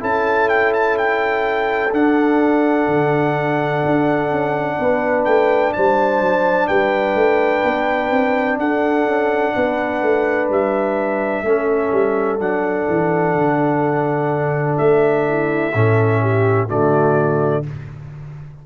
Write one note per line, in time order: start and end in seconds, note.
0.00 1.92 C#4
0.00 1.90 E4
0.00 4.78 A4
0.00 0.49 A5
0.49 0.73 G5
0.74 0.97 A5
0.98 1.93 G5
1.92 2.87 D4
1.92 11.46 D4
1.92 5.25 F#5
2.87 3.83 D3
3.86 4.31 D4
4.31 4.79 C#4
4.79 5.26 B3
4.79 5.76 B4
5.25 5.74 A3
5.25 5.73 G5
5.73 6.21 G3
5.73 6.69 C5
5.73 6.68 A5
6.21 6.68 F#3
6.68 7.15 G3
6.68 8.59 B4
6.68 8.58 G5
7.15 7.62 A3
7.64 8.11 B3
8.11 8.58 C4
8.58 9.05 D4
8.58 9.55 A4
8.58 10.50 F#5
9.05 9.53 C#4
9.56 10.02 B3
9.56 11.45 B4
10.02 10.49 A3
10.49 11.43 G3
10.49 12.40 E5
11.43 11.91 A3
11.43 12.39 C#4
11.43 15.26 A4
11.92 12.40 G3
12.39 12.87 F#3
12.39 15.73 D4
12.39 14.78 F#5
12.88 13.34 E3
13.34 14.77 D3
14.78 15.74 A3
14.78 16.68 E5
15.28 15.75 E4
15.74 16.70 A2
15.74 16.69 C#4
15.74 16.22 A4
16.22 16.68 G4
16.68 17.66 D3
16.68 17.64 A3
16.68 17.63 F#4
16.68 17.65 D5